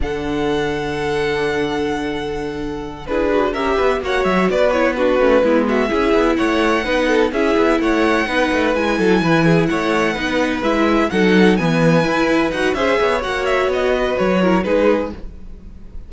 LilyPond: <<
  \new Staff \with { instrumentName = "violin" } { \time 4/4 \tempo 4 = 127 fis''1~ | fis''2~ fis''8 b'4 e''8~ | e''8 fis''8 e''8 d''8 cis''8 b'4. | e''4. fis''2 e''8~ |
e''8 fis''2 gis''4.~ | gis''8 fis''2 e''4 fis''8~ | fis''8 gis''2 fis''8 e''4 | fis''8 e''8 dis''4 cis''4 b'4 | }
  \new Staff \with { instrumentName = "violin" } { \time 4/4 a'1~ | a'2~ a'8 gis'4 ais'8 | b'8 cis''4 b'4 fis'4 e'8 | fis'8 gis'4 cis''4 b'8 a'8 gis'8~ |
gis'8 cis''4 b'4. a'8 b'8 | gis'8 cis''4 b'2 a'8~ | a'8 b'2~ b'8 c''8 cis''8~ | cis''4. b'4 ais'8 gis'4 | }
  \new Staff \with { instrumentName = "viola" } { \time 4/4 d'1~ | d'2~ d'8 e'8 fis'8 g'8~ | g'8 fis'4. e'8 d'8 cis'8 b8~ | b8 e'2 dis'4 e'8~ |
e'4. dis'4 e'4.~ | e'4. dis'4 e'4 dis'8~ | dis'8 b4 e'4 fis'8 gis'4 | fis'2~ fis'8 e'8 dis'4 | }
  \new Staff \with { instrumentName = "cello" } { \time 4/4 d1~ | d2~ d8 d'4 cis'8 | b8 ais8 fis8 b4. a8 gis8~ | gis8 cis'8 b8 a4 b4 cis'8 |
b8 a4 b8 a8 gis8 fis8 e8~ | e8 a4 b4 gis4 fis8~ | fis8 e4 e'4 dis'8 cis'8 b8 | ais4 b4 fis4 gis4 | }
>>